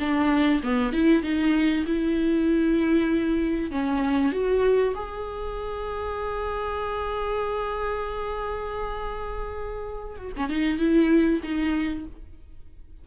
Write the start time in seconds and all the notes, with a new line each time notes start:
0.00 D4
0.64 B3
0.93 E4
1.23 D#4
1.87 E4
3.72 C#4
4.33 F#4
4.95 G#4
10.17 F#4
10.37 C#4
10.50 D#4
10.79 E4
11.43 D#4